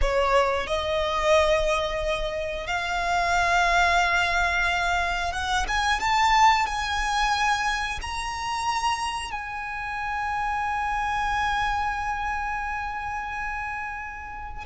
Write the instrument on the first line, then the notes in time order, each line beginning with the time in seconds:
violin
0.01 C#5
0.67 D#5
2.66 F5
5.32 F#5
5.68 G#5
6.00 A5
6.66 G#5
8.02 A#5
9.31 G#5